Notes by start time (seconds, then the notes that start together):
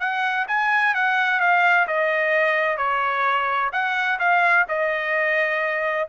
0.00 F#5
0.48 G#5
0.94 F#5
1.40 F5
1.87 D#5
2.77 C#5
3.72 F#5
4.19 F5
4.68 D#5